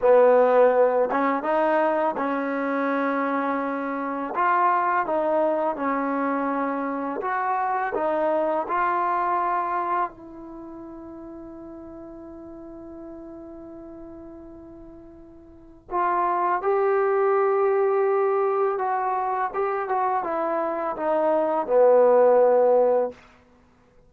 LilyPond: \new Staff \with { instrumentName = "trombone" } { \time 4/4 \tempo 4 = 83 b4. cis'8 dis'4 cis'4~ | cis'2 f'4 dis'4 | cis'2 fis'4 dis'4 | f'2 e'2~ |
e'1~ | e'2 f'4 g'4~ | g'2 fis'4 g'8 fis'8 | e'4 dis'4 b2 | }